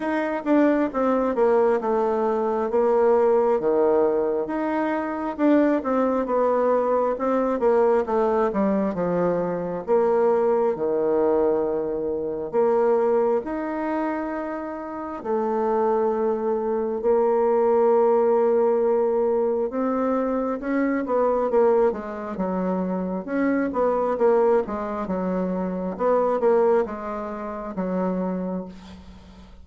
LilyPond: \new Staff \with { instrumentName = "bassoon" } { \time 4/4 \tempo 4 = 67 dis'8 d'8 c'8 ais8 a4 ais4 | dis4 dis'4 d'8 c'8 b4 | c'8 ais8 a8 g8 f4 ais4 | dis2 ais4 dis'4~ |
dis'4 a2 ais4~ | ais2 c'4 cis'8 b8 | ais8 gis8 fis4 cis'8 b8 ais8 gis8 | fis4 b8 ais8 gis4 fis4 | }